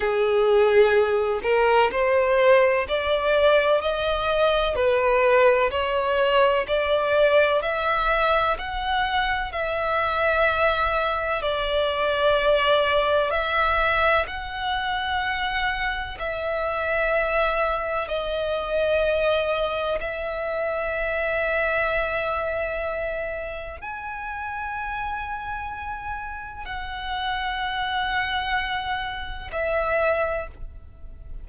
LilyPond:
\new Staff \with { instrumentName = "violin" } { \time 4/4 \tempo 4 = 63 gis'4. ais'8 c''4 d''4 | dis''4 b'4 cis''4 d''4 | e''4 fis''4 e''2 | d''2 e''4 fis''4~ |
fis''4 e''2 dis''4~ | dis''4 e''2.~ | e''4 gis''2. | fis''2. e''4 | }